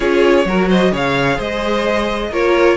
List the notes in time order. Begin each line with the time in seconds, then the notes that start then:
0.00 C#4 F4 G#4 C#5
0.45 F#3 F#4 A#4
0.68 C5 D#5
0.91 C#3 G#4 C#5 F5
1.37 G#3 C5 D#5
2.30 A#3 F4 A#4 C#5